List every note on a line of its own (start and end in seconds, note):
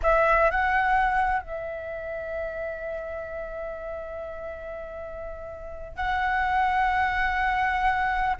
0.02 0.50 E5
0.51 1.42 F#5
1.42 5.96 E5
5.96 8.36 F#5